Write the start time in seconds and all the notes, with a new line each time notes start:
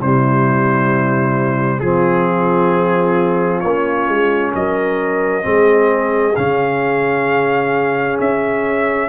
0.00 C3 G3 E4 C5
1.80 F3 C4 F4 G#4
3.60 A#3 C#5
3.66 C#4
4.07 G#3
4.54 F#3 A#4 D#5
5.42 G#3 C4 G#4
6.35 C#3 C#4 F5
8.20 C#4 E5